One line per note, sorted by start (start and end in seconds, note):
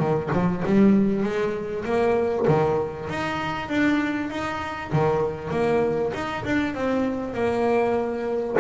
0.00 0.31 D#3
0.33 0.64 F3
0.66 1.24 G3
1.24 1.85 G#3
1.85 2.47 A#3
2.48 3.09 D#3
3.10 3.69 D#4
3.69 4.30 D4
4.30 4.91 D#4
4.93 5.51 D#3
5.51 6.13 A#3
6.14 6.45 D#4
6.45 6.75 D4
6.75 7.34 C4
7.34 8.57 A#3